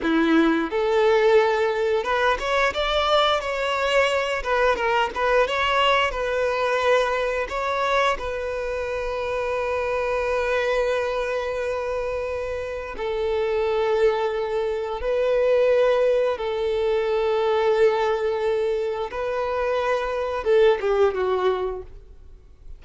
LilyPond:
\new Staff \with { instrumentName = "violin" } { \time 4/4 \tempo 4 = 88 e'4 a'2 b'8 cis''8 | d''4 cis''4. b'8 ais'8 b'8 | cis''4 b'2 cis''4 | b'1~ |
b'2. a'4~ | a'2 b'2 | a'1 | b'2 a'8 g'8 fis'4 | }